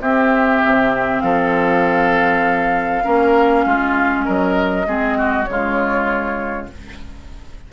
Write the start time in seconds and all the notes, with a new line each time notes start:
0.00 C4 G4 E5
0.66 C3
1.20 F3 A4 F5
3.03 A#3 C#4 A#4
3.65 G#3 F4
4.23 F#3 A#4 D#5
4.86 G#3 C4 G#4
5.18 F#4
5.44 C#3 G#3 C#5
5.51 F4